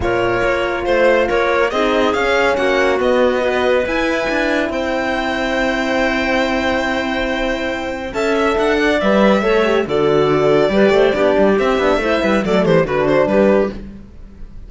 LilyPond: <<
  \new Staff \with { instrumentName = "violin" } { \time 4/4 \tempo 4 = 140 cis''2 c''4 cis''4 | dis''4 f''4 fis''4 dis''4~ | dis''4 gis''2 g''4~ | g''1~ |
g''2. a''8 e''8 | fis''4 e''2 d''4~ | d''2. e''4~ | e''4 d''8 c''8 b'8 c''8 b'4 | }
  \new Staff \with { instrumentName = "clarinet" } { \time 4/4 ais'2 c''4 ais'4 | gis'2 fis'2 | b'2. c''4~ | c''1~ |
c''2. e''4~ | e''8 d''4. cis''4 a'4~ | a'4 b'8 c''8 g'2 | c''8 b'8 a'8 g'8 fis'4 g'4 | }
  \new Staff \with { instrumentName = "horn" } { \time 4/4 f'1 | dis'4 cis'2 b4 | fis'4 e'2.~ | e'1~ |
e'2. a'4~ | a'4 b'4 a'8 g'8 fis'4~ | fis'4 g'4 d'4 c'8 d'8 | e'4 a4 d'2 | }
  \new Staff \with { instrumentName = "cello" } { \time 4/4 ais,4 ais4 a4 ais4 | c'4 cis'4 ais4 b4~ | b4 e'4 d'4 c'4~ | c'1~ |
c'2. cis'4 | d'4 g4 a4 d4~ | d4 g8 a8 b8 g8 c'8 b8 | a8 g8 fis8 e8 d4 g4 | }
>>